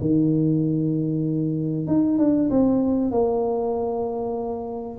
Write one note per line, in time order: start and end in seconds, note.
0.00 1.87 D#3
1.87 2.18 D#4
2.18 2.49 D4
2.50 3.11 C4
3.11 4.99 A#3